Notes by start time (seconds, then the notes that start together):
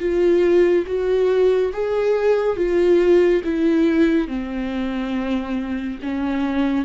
0.00 F4
0.87 F#4
1.74 G#4
2.57 F4
3.45 E4
4.28 C4
6.03 C#4